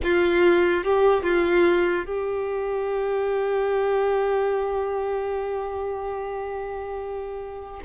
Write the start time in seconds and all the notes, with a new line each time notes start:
0.03 F4
0.83 G4
1.23 F4
2.05 G4